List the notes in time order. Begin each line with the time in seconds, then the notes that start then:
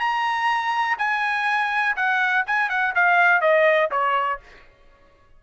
0.00 A#5
0.99 G#5
1.97 F#5
2.47 G#5
2.70 F#5
2.95 F5
3.41 D#5
3.91 C#5